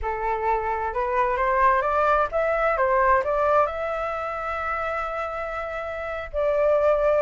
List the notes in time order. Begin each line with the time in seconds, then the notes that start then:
0.01 A4
0.93 B4
1.36 C5
1.81 D5
2.31 E5
2.77 C5
3.24 D5
3.66 E5
6.32 D5